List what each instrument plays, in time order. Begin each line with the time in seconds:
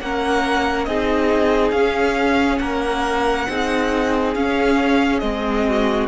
0.00 cello A#3, viola C#4, violin A#4 F#5
0.85 cello C4, viola D#4, violin G#4 D#5
1.71 cello C#4, viola C#4, violin F5
2.58 cello A#3, violin A#4 F#5
3.49 cello C4, viola D#4, violin G#4
4.35 cello C#4, viola C#4, violin F5
5.19 cello G#3, viola C4, violin D#5
5.68 violin F#4